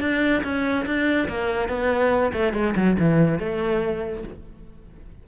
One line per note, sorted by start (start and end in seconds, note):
0.00 0.42 D4
0.43 0.85 C#4
0.85 1.28 D4
1.28 1.69 A#3
1.69 2.32 B3
2.33 2.53 A3
2.53 2.74 G#3
2.76 2.97 F#3
2.99 3.39 E3
3.39 4.23 A3